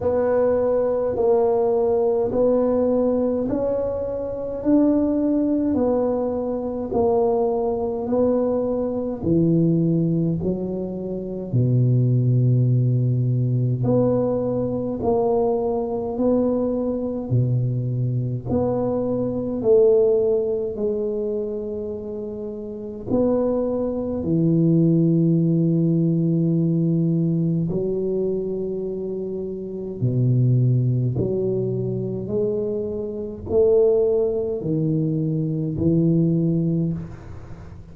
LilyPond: \new Staff \with { instrumentName = "tuba" } { \time 4/4 \tempo 4 = 52 b4 ais4 b4 cis'4 | d'4 b4 ais4 b4 | e4 fis4 b,2 | b4 ais4 b4 b,4 |
b4 a4 gis2 | b4 e2. | fis2 b,4 fis4 | gis4 a4 dis4 e4 | }